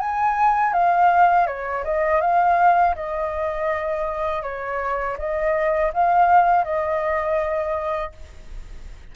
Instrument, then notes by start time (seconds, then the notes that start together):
flute
0.00 G#5
0.73 F5
1.47 C#5
1.85 D#5
2.21 F5
2.96 D#5
4.43 C#5
5.19 D#5
5.94 F5
6.64 D#5